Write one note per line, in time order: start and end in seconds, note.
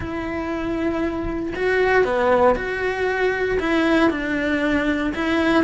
0.00 1.53 E4
1.55 2.04 F#4
2.04 2.55 B3
2.55 3.58 F#4
3.59 4.10 E4
4.10 5.13 D4
5.14 5.64 E4